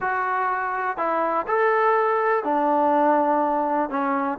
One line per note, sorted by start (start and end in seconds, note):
0.00 0.97 F#4
0.97 1.45 E4
1.47 2.43 A4
2.43 3.89 D4
3.89 4.38 C#4